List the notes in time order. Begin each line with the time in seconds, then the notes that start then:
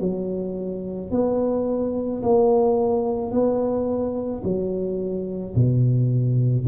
0.00 F#3
1.11 B3
2.22 A#3
3.31 B3
4.43 F#3
5.55 B2